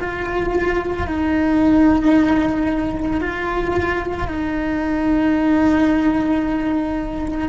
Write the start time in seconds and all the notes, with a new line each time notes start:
0.00 F4
1.07 D#4
3.20 F4
4.27 D#4